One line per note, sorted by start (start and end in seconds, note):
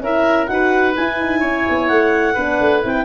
0.00 0.47 C#4
0.00 0.48 E4
0.00 0.50 A#4
0.00 0.47 E5
0.47 0.95 D#4
0.47 0.95 F#4
0.47 1.40 B4
0.47 0.93 F#5
0.96 2.36 E4
0.96 1.19 E4
0.96 1.88 G#5
1.19 1.42 D#4
1.40 1.65 C#4
1.40 2.33 C#5
1.69 1.89 B3
1.88 2.36 A3
1.88 2.81 F#5
2.34 2.60 B3
2.34 2.82 D4
2.34 3.04 B4
2.60 2.83 A3
2.82 3.04 C4
2.82 3.04 E4
2.82 3.04 G5